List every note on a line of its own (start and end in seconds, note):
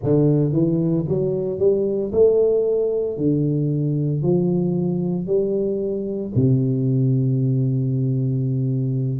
0.02 0.52 D3
0.52 1.05 E3
1.08 1.58 F#3
1.58 2.11 G3
2.12 3.17 A3
3.17 4.22 D3
4.22 5.26 F3
5.26 6.32 G3
6.34 9.20 C3